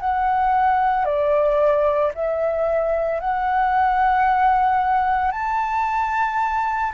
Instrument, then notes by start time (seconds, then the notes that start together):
flute
0.00 F#5
1.05 D5
2.14 E5
3.20 F#5
5.31 A5